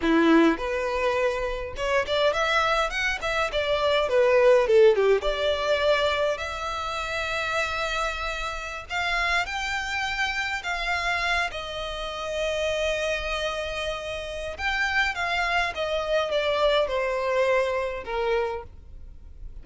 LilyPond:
\new Staff \with { instrumentName = "violin" } { \time 4/4 \tempo 4 = 103 e'4 b'2 cis''8 d''8 | e''4 fis''8 e''8 d''4 b'4 | a'8 g'8 d''2 e''4~ | e''2.~ e''16 f''8.~ |
f''16 g''2 f''4. dis''16~ | dis''1~ | dis''4 g''4 f''4 dis''4 | d''4 c''2 ais'4 | }